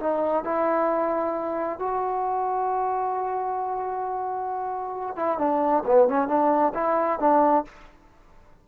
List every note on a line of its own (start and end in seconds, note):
0.00 0.44 D#4
0.44 1.79 E4
1.79 5.16 F#4
5.16 5.38 E4
5.38 5.83 D4
5.86 6.08 B3
6.08 6.28 C#4
6.28 6.73 D4
6.74 7.20 E4
7.20 7.65 D4